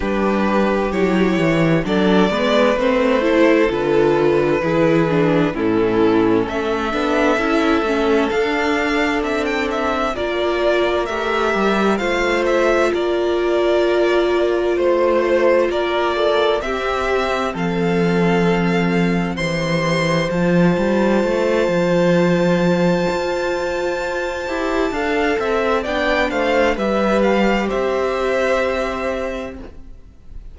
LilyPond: <<
  \new Staff \with { instrumentName = "violin" } { \time 4/4 \tempo 4 = 65 b'4 cis''4 d''4 c''4 | b'2 a'4 e''4~ | e''4 f''4 e''16 g''16 e''8 d''4 | e''4 f''8 e''8 d''2 |
c''4 d''4 e''4 f''4~ | f''4 c'''4 a''2~ | a''1 | g''8 f''8 e''8 f''8 e''2 | }
  \new Staff \with { instrumentName = "violin" } { \time 4/4 g'2 a'8 b'4 a'8~ | a'4 gis'4 e'4 a'4~ | a'2. ais'4~ | ais'4 c''4 ais'2 |
c''4 ais'8 a'8 g'4 a'4~ | a'4 c''2.~ | c''2. f''8 e''8 | d''8 c''8 b'4 c''2 | }
  \new Staff \with { instrumentName = "viola" } { \time 4/4 d'4 e'4 d'8 b8 c'8 e'8 | f'4 e'8 d'8 cis'4. d'8 | e'8 cis'8 d'2 f'4 | g'4 f'2.~ |
f'2 c'2~ | c'4 g'4 f'2~ | f'2~ f'8 g'8 a'4 | d'4 g'2. | }
  \new Staff \with { instrumentName = "cello" } { \time 4/4 g4 fis8 e8 fis8 gis8 a4 | d4 e4 a,4 a8 b8 | cis'8 a8 d'4 c'4 ais4 | a8 g8 a4 ais2 |
a4 ais4 c'4 f4~ | f4 e4 f8 g8 a8 f8~ | f4 f'4. e'8 d'8 c'8 | b8 a8 g4 c'2 | }
>>